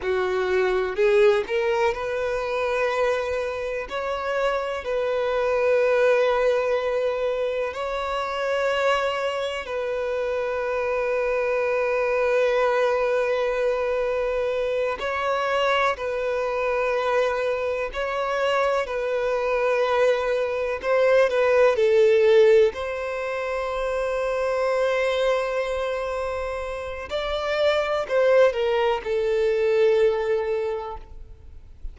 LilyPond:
\new Staff \with { instrumentName = "violin" } { \time 4/4 \tempo 4 = 62 fis'4 gis'8 ais'8 b'2 | cis''4 b'2. | cis''2 b'2~ | b'2.~ b'8 cis''8~ |
cis''8 b'2 cis''4 b'8~ | b'4. c''8 b'8 a'4 c''8~ | c''1 | d''4 c''8 ais'8 a'2 | }